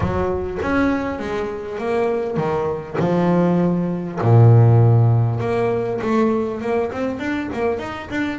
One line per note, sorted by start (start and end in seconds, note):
0.00 0.58 F#3
0.62 1.19 C#4
1.19 1.78 G#3
1.78 2.36 A#3
2.36 2.96 D#3
2.99 4.19 F3
4.21 5.40 A#2
5.40 6.00 A#3
6.01 6.61 A3
6.61 6.91 A#3
6.91 7.19 C4
7.19 7.49 D4
7.53 7.78 A#3
7.78 8.08 D#4
8.10 8.39 D4